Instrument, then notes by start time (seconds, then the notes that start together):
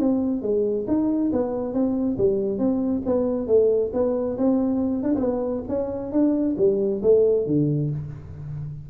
tuba
0.00 C4
0.42 G#3
0.88 D#4
1.33 B3
1.74 C4
2.18 G3
2.59 C4
3.06 B3
3.48 A3
3.94 B3
4.38 C4
5.03 D4
5.16 B3 C4
5.69 C#4
6.12 D4
6.58 G3
7.03 A3
7.47 D3